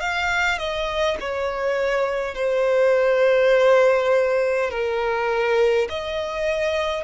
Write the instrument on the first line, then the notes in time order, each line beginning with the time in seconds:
violin
0.00 F5
0.58 D#5
1.20 C#5
2.35 C5
4.70 A#4
5.89 D#5